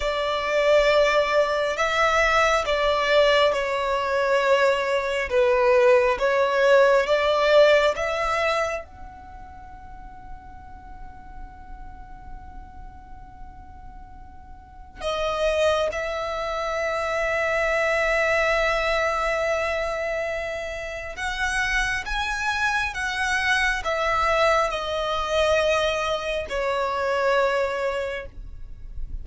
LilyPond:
\new Staff \with { instrumentName = "violin" } { \time 4/4 \tempo 4 = 68 d''2 e''4 d''4 | cis''2 b'4 cis''4 | d''4 e''4 fis''2~ | fis''1~ |
fis''4 dis''4 e''2~ | e''1 | fis''4 gis''4 fis''4 e''4 | dis''2 cis''2 | }